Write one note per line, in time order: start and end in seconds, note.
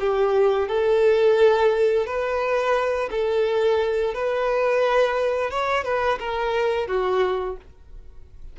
0.00 0.69 G4
0.69 2.07 A4
2.07 3.10 B4
3.11 4.14 A4
4.14 5.51 B4
5.51 5.84 C#5
5.84 6.19 B4
6.19 6.88 A#4
6.88 7.57 F#4